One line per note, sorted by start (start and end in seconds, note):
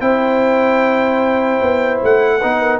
0.00 1.60 C4
0.00 2.40 E4
0.00 2.39 C5
0.00 2.01 G5
1.62 2.02 B3
2.03 2.43 A3
2.03 2.80 F#5
2.39 2.80 B3
2.39 2.80 D#4
2.39 2.58 B4
2.60 2.80 A#4